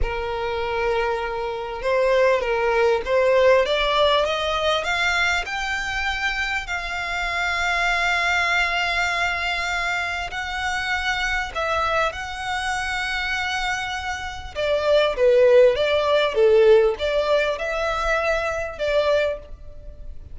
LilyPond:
\new Staff \with { instrumentName = "violin" } { \time 4/4 \tempo 4 = 99 ais'2. c''4 | ais'4 c''4 d''4 dis''4 | f''4 g''2 f''4~ | f''1~ |
f''4 fis''2 e''4 | fis''1 | d''4 b'4 d''4 a'4 | d''4 e''2 d''4 | }